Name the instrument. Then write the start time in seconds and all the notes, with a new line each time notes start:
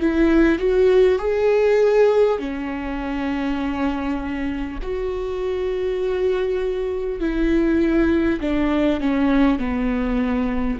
viola
0.00 E4
0.58 F#4
1.18 G#4
2.38 C#4
4.82 F#4
7.20 E4
8.40 D4
9.00 C#4
9.58 B3